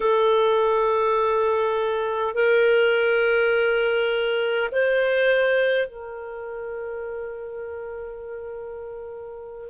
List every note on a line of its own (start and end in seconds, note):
0.00 2.34 A4
2.34 4.70 A#4
4.71 5.87 C5
5.87 9.69 A#4